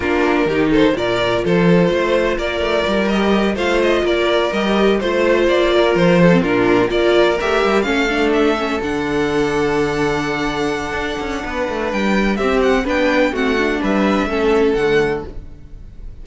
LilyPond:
<<
  \new Staff \with { instrumentName = "violin" } { \time 4/4 \tempo 4 = 126 ais'4. c''8 d''4 c''4~ | c''4 d''4. dis''4 f''8 | dis''8 d''4 dis''4 c''4 d''8~ | d''8 c''4 ais'4 d''4 e''8~ |
e''8 f''4 e''4 fis''4.~ | fis''1~ | fis''4 g''4 e''8 fis''8 g''4 | fis''4 e''2 fis''4 | }
  \new Staff \with { instrumentName = "violin" } { \time 4/4 f'4 g'8 a'8 ais'4 a'4 | c''4 ais'2~ ais'8 c''8~ | c''8 ais'2 c''4. | ais'4 a'8 f'4 ais'4.~ |
ais'8 a'2.~ a'8~ | a'1 | b'2 g'4 b'4 | fis'4 b'4 a'2 | }
  \new Staff \with { instrumentName = "viola" } { \time 4/4 d'4 dis'4 f'2~ | f'2~ f'8 g'4 f'8~ | f'4. g'4 f'4.~ | f'4~ f'16 c'16 d'4 f'4 g'8~ |
g'8 cis'8 d'4 cis'8 d'4.~ | d'1~ | d'2 c'4 d'4 | c'8 d'4. cis'4 a4 | }
  \new Staff \with { instrumentName = "cello" } { \time 4/4 ais4 dis4 ais,4 f4 | a4 ais8 a8 g4. a8~ | a8 ais4 g4 a4 ais8~ | ais8 f4 ais,4 ais4 a8 |
g8 a2 d4.~ | d2. d'8 cis'8 | b8 a8 g4 c'4 b4 | a4 g4 a4 d4 | }
>>